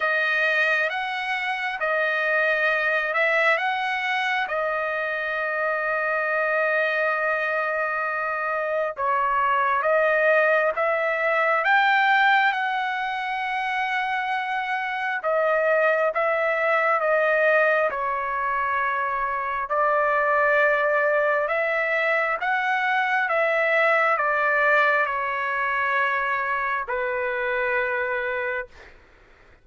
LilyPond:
\new Staff \with { instrumentName = "trumpet" } { \time 4/4 \tempo 4 = 67 dis''4 fis''4 dis''4. e''8 | fis''4 dis''2.~ | dis''2 cis''4 dis''4 | e''4 g''4 fis''2~ |
fis''4 dis''4 e''4 dis''4 | cis''2 d''2 | e''4 fis''4 e''4 d''4 | cis''2 b'2 | }